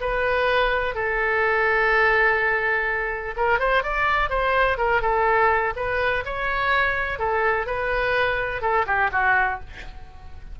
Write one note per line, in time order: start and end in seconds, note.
0.00 0.94 B4
0.94 3.34 A4
3.36 3.59 A#4
3.59 3.83 C5
3.83 4.30 D5
4.30 4.78 C5
4.78 5.01 A#4
5.01 5.73 A4
5.76 6.24 B4
6.25 7.19 C#5
7.19 7.66 A4
7.66 8.61 B4
8.61 8.85 A4
8.86 9.10 G4
9.12 9.60 F#4